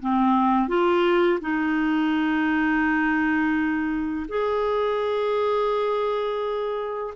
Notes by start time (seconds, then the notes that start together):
0.00 C4
0.68 F4
1.41 D#4
4.29 G#4